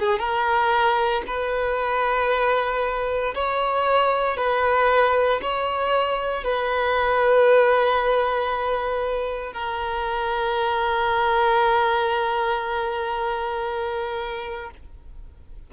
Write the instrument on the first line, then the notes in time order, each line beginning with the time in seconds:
violin
0.00 G#4
0.19 A#4
1.27 B4
3.35 C#5
4.38 B4
5.42 C#5
6.45 B4
9.54 A#4